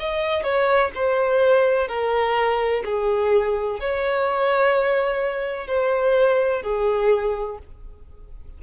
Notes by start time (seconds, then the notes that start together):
0.00 D#5
0.43 C#5
0.95 C5
1.88 A#4
2.85 G#4
3.80 C#5
5.68 C5
6.63 G#4